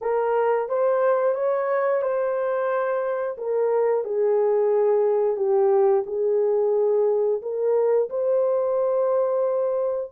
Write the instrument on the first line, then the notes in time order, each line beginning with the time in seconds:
horn
0.01 A#4
0.68 C5
1.35 C#5
2.01 C5
3.37 A#4
4.04 G#4
5.36 G4
6.06 G#4
7.42 A#4
8.09 C5